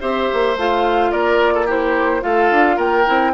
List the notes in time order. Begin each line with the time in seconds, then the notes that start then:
0.00 C4 G4 C5 E5
0.32 A#3
0.56 A3 F4 F5
1.11 A#3 A#4 D5
1.54 A4
1.65 E4 G4 C5
2.21 A3 F4 A4 F5
2.51 D4
2.76 A#3 A#4 G5
3.06 C4 E4